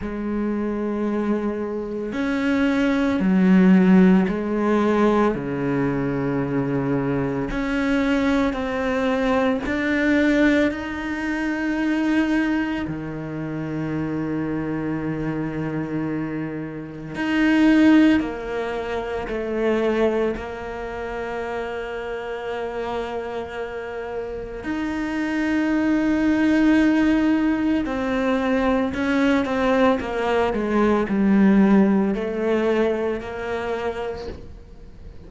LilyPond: \new Staff \with { instrumentName = "cello" } { \time 4/4 \tempo 4 = 56 gis2 cis'4 fis4 | gis4 cis2 cis'4 | c'4 d'4 dis'2 | dis1 |
dis'4 ais4 a4 ais4~ | ais2. dis'4~ | dis'2 c'4 cis'8 c'8 | ais8 gis8 g4 a4 ais4 | }